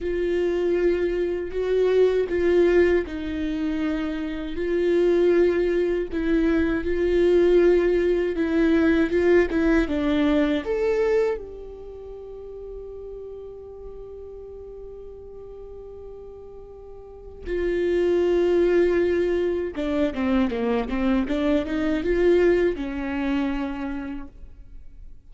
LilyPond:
\new Staff \with { instrumentName = "viola" } { \time 4/4 \tempo 4 = 79 f'2 fis'4 f'4 | dis'2 f'2 | e'4 f'2 e'4 | f'8 e'8 d'4 a'4 g'4~ |
g'1~ | g'2. f'4~ | f'2 d'8 c'8 ais8 c'8 | d'8 dis'8 f'4 cis'2 | }